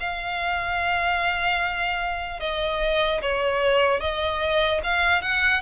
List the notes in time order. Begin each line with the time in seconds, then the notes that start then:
0.00 F5
2.40 D#5
3.22 C#5
4.00 D#5
4.84 F5
5.22 F#5